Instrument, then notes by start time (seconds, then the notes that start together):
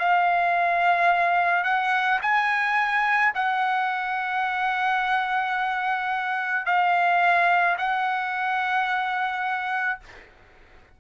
trumpet
0.00 F5
1.64 F#5
2.22 G#5
3.35 F#5
6.66 F5
7.78 F#5